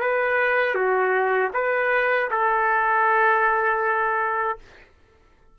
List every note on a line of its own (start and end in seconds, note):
0.00 0.74 B4
0.74 1.50 F#4
1.53 2.29 B4
2.30 4.58 A4